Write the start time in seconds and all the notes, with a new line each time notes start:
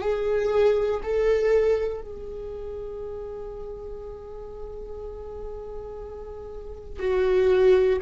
0.00 G#4
1.03 A4
2.01 G#4
6.99 F#4